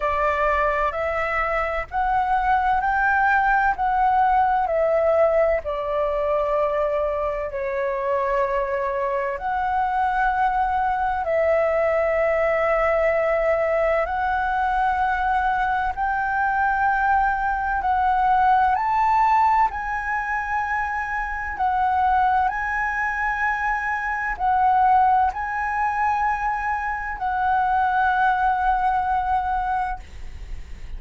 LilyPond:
\new Staff \with { instrumentName = "flute" } { \time 4/4 \tempo 4 = 64 d''4 e''4 fis''4 g''4 | fis''4 e''4 d''2 | cis''2 fis''2 | e''2. fis''4~ |
fis''4 g''2 fis''4 | a''4 gis''2 fis''4 | gis''2 fis''4 gis''4~ | gis''4 fis''2. | }